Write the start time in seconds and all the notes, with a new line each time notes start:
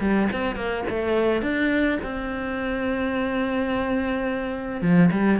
0.00 G3
0.32 C4
0.56 A#3
0.89 A3
1.42 D4
2.02 C4
4.81 F3
5.11 G3